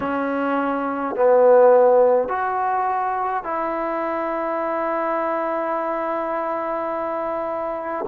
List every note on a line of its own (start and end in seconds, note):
0.00 1.15 C#4
1.15 2.28 B3
2.28 3.43 F#4
3.43 8.05 E4